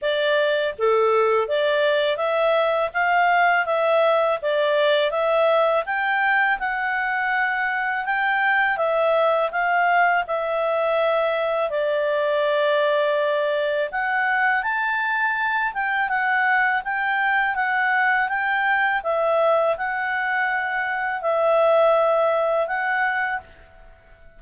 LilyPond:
\new Staff \with { instrumentName = "clarinet" } { \time 4/4 \tempo 4 = 82 d''4 a'4 d''4 e''4 | f''4 e''4 d''4 e''4 | g''4 fis''2 g''4 | e''4 f''4 e''2 |
d''2. fis''4 | a''4. g''8 fis''4 g''4 | fis''4 g''4 e''4 fis''4~ | fis''4 e''2 fis''4 | }